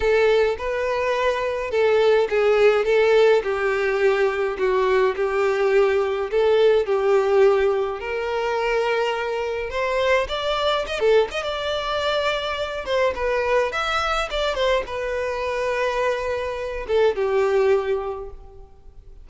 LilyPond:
\new Staff \with { instrumentName = "violin" } { \time 4/4 \tempo 4 = 105 a'4 b'2 a'4 | gis'4 a'4 g'2 | fis'4 g'2 a'4 | g'2 ais'2~ |
ais'4 c''4 d''4 dis''16 a'8 dis''16 | d''2~ d''8 c''8 b'4 | e''4 d''8 c''8 b'2~ | b'4. a'8 g'2 | }